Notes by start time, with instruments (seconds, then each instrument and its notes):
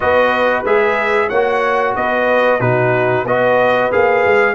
0.00 tuba B3, trombone F#4, horn B4, trumpet D#5
0.64 tuba G#3, trombone G#4, trumpet E5
1.28 tuba A#3, horn C#5, trumpet F#5
1.34 trombone F#4
1.95 tuba B3, horn B4, trumpet D#5
2.60 tuba B2, trombone D#4, horn F#4, trumpet B4
3.24 tuba B3, trombone F#4, horn B4, trumpet D#5
3.91 tuba A#3, trombone G#4, trumpet F5
4.25 tuba G#3